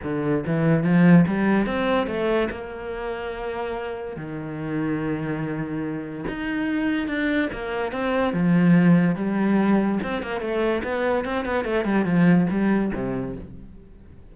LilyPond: \new Staff \with { instrumentName = "cello" } { \time 4/4 \tempo 4 = 144 d4 e4 f4 g4 | c'4 a4 ais2~ | ais2 dis2~ | dis2. dis'4~ |
dis'4 d'4 ais4 c'4 | f2 g2 | c'8 ais8 a4 b4 c'8 b8 | a8 g8 f4 g4 c4 | }